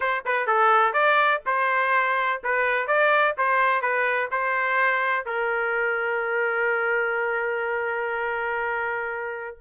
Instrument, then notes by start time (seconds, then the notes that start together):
trumpet
0.00 C5
0.25 B4
0.46 A4
0.93 D5
1.46 C5
2.43 B4
2.87 D5
3.37 C5
3.81 B4
4.31 C5
5.25 A#4